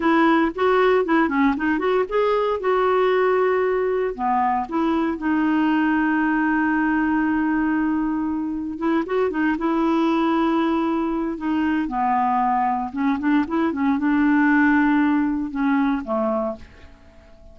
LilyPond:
\new Staff \with { instrumentName = "clarinet" } { \time 4/4 \tempo 4 = 116 e'4 fis'4 e'8 cis'8 dis'8 fis'8 | gis'4 fis'2. | b4 e'4 dis'2~ | dis'1~ |
dis'4 e'8 fis'8 dis'8 e'4.~ | e'2 dis'4 b4~ | b4 cis'8 d'8 e'8 cis'8 d'4~ | d'2 cis'4 a4 | }